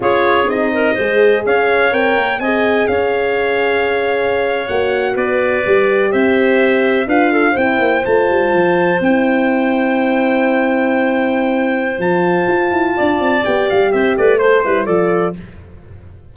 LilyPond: <<
  \new Staff \with { instrumentName = "trumpet" } { \time 4/4 \tempo 4 = 125 cis''4 dis''2 f''4 | g''4 gis''4 f''2~ | f''4.~ f''16 fis''4 d''4~ d''16~ | d''8. e''2 f''4 g''16~ |
g''8. a''2 g''4~ g''16~ | g''1~ | g''4 a''2. | g''8 f''8 e''8 d''8 c''4 d''4 | }
  \new Staff \with { instrumentName = "clarinet" } { \time 4/4 gis'4. ais'8 c''4 cis''4~ | cis''4 dis''4 cis''2~ | cis''2~ cis''8. b'4~ b'16~ | b'8. c''2 b'8 a'8 c''16~ |
c''1~ | c''1~ | c''2. d''4~ | d''4 c''8 b'8 c''8 b'8 a'4 | }
  \new Staff \with { instrumentName = "horn" } { \time 4/4 f'4 dis'4 gis'2 | ais'4 gis'2.~ | gis'4.~ gis'16 fis'2 g'16~ | g'2~ g'8. f'4 e'16~ |
e'8. f'2 e'4~ e'16~ | e'1~ | e'4 f'2. | g'2 a'8 e'8 f'4 | }
  \new Staff \with { instrumentName = "tuba" } { \time 4/4 cis'4 c'4 gis4 cis'4 | c'8 ais8 c'4 cis'2~ | cis'4.~ cis'16 ais4 b4 g16~ | g8. c'2 d'4 c'16~ |
c'16 ais8 a8 g8 f4 c'4~ c'16~ | c'1~ | c'4 f4 f'8 e'8 d'8 c'8 | b8 g8 c'8 a4 g8 f4 | }
>>